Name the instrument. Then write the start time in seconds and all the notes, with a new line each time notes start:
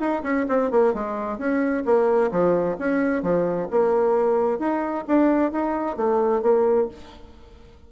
bassoon
0.00 D#4
0.23 C#4
0.49 C4
0.71 A#3
0.94 G#3
1.38 C#4
1.85 A#3
2.32 F3
2.79 C#4
3.23 F3
3.71 A#3
4.59 D#4
5.08 D4
5.52 D#4
5.97 A3
6.43 A#3